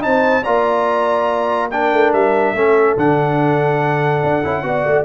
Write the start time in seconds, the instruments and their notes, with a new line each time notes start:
0.00 tuba C4, trombone D#4, horn C5, trumpet A5
0.43 tuba A#3, trombone F4, horn D5, trumpet A#5
1.70 trombone D4, horn A#4, trumpet G5
1.92 tuba A3
2.12 tuba G3, trumpet E5
2.53 tuba A3, trombone C#4, horn A4
2.96 tuba D3, trombone D4, trumpet F#5
4.23 tuba D4
4.43 tuba C#4, trombone E4
4.63 tuba B3, trombone F#4, horn D5
4.84 tuba A3